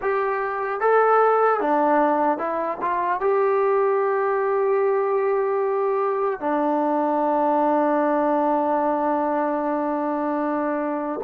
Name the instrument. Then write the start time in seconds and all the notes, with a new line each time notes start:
trombone
0.01 G4
0.80 A4
1.60 D4
2.38 E4
2.81 F4
3.20 G4
6.40 D4